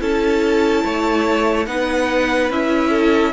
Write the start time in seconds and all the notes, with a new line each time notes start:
0.00 C#4 E4 A4 A5
0.84 A3 C#5
1.66 B3 D#4 B4 F#5
2.50 C#4 E4 E5
2.89 A4